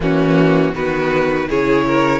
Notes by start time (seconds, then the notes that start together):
0.00 E3 A#3 C#4 F#4
0.73 D#3 B3 F#4 B4
1.49 C#3 E4 G#4 C#5
1.86 A#4